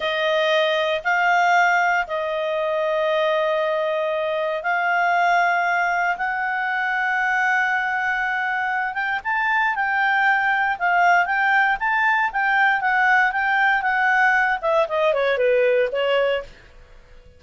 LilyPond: \new Staff \with { instrumentName = "clarinet" } { \time 4/4 \tempo 4 = 117 dis''2 f''2 | dis''1~ | dis''4 f''2. | fis''1~ |
fis''4. g''8 a''4 g''4~ | g''4 f''4 g''4 a''4 | g''4 fis''4 g''4 fis''4~ | fis''8 e''8 dis''8 cis''8 b'4 cis''4 | }